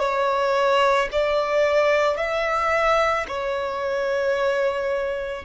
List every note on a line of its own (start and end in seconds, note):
0.00 1.09 C#5
1.13 2.18 D5
2.18 3.27 E5
3.28 5.45 C#5